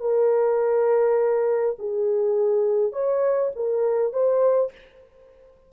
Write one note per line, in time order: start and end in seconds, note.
0.00 1.76 A#4
1.79 2.93 G#4
2.93 3.51 C#5
3.56 4.13 A#4
4.13 4.72 C5